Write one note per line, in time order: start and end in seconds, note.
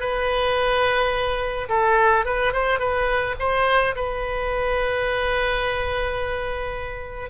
0.00 1.68 B4
1.69 2.25 A4
2.25 2.53 B4
2.53 2.79 C5
2.79 3.35 B4
3.39 3.95 C5
3.95 7.30 B4